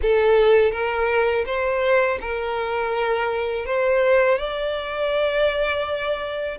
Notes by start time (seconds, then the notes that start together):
0.02 A4
0.71 A#4
1.45 C5
2.21 A#4
3.66 C5
4.38 D5